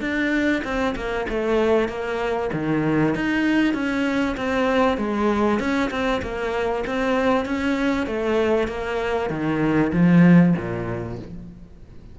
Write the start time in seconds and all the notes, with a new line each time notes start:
0.00 D4
0.64 C4
0.96 A#3
1.28 A3
1.88 A#3
2.53 D#3
3.15 D#4
3.74 C#4
4.37 C4
4.97 G#3
5.59 C#4
5.90 C4
6.22 A#3
6.87 C4
7.45 C#4
8.06 A3
8.68 A#3
9.30 D#3
9.92 F3
10.56 A#2